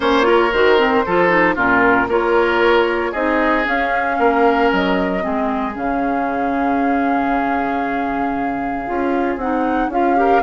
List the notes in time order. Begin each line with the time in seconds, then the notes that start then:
0.00 A#3 C#4 C5 C#5
0.22 F4 A#4
0.52 D#3 F#4 C5
0.78 C4
1.05 F3 F4 A4
1.29 D#4
1.55 A#2 C#4 F4 A#4
2.07 A#3 F4 A#4 C#5
3.11 C4 D#4 G#4 D#5
3.64 C#4 F5
4.18 A#3 A#4
4.72 F#3 D#5
5.20 G#3 C4 G#4
5.74 C#3 C#4 F5
8.86 C#4 F4
9.36 C4 D#4 F#5
9.88 C#4 F4 F5
10.16 G4 A#4